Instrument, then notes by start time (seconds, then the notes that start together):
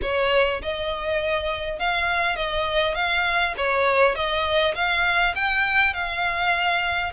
violin
0.02 C#5
0.62 D#5
1.79 F5
2.35 D#5
2.95 F5
3.57 C#5
4.15 D#5
4.74 F5
5.35 G5
5.93 F5